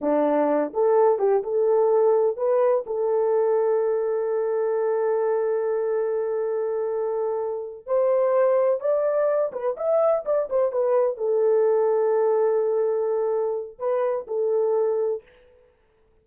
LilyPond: \new Staff \with { instrumentName = "horn" } { \time 4/4 \tempo 4 = 126 d'4. a'4 g'8 a'4~ | a'4 b'4 a'2~ | a'1~ | a'1~ |
a'8 c''2 d''4. | b'8 e''4 d''8 c''8 b'4 a'8~ | a'1~ | a'4 b'4 a'2 | }